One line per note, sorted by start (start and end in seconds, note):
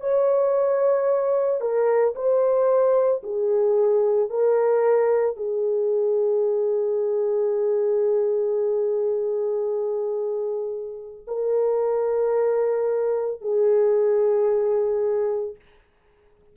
0.00 1.61 C#5
1.61 2.14 A#4
2.15 3.22 C5
3.23 4.30 G#4
4.30 5.36 A#4
5.36 11.25 G#4
11.27 13.41 A#4
13.41 15.55 G#4